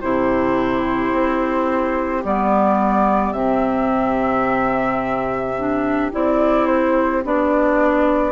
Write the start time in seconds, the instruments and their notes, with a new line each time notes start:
0.00 bassoon C3, clarinet E4, oboe G4, flute C5
1.12 bassoon C4
2.24 bassoon G3, clarinet B3, flute D5
3.32 bassoon C3, clarinet C4, flute E5
5.57 clarinet D4
6.11 bassoon C4, clarinet E4, flute D5
6.66 flute C5
7.23 bassoon B3, clarinet D4, flute D5